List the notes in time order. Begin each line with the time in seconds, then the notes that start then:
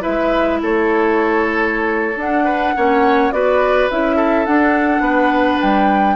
0.00 G#3 E4 B4 E5
0.61 A3 A4 C#5
2.15 D4 F#5
2.44 B4
2.76 A#3 C#4 C#5
3.31 B3 F#4 B4 D5
3.90 C#4 E4 E5
4.16 A4
4.45 D4 F#5
4.99 B3 B4
5.60 G3 G5